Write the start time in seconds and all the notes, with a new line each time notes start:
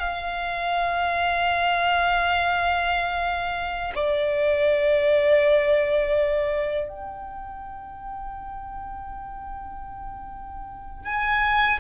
0.00 F5
3.96 D5
6.89 G5
11.06 G#5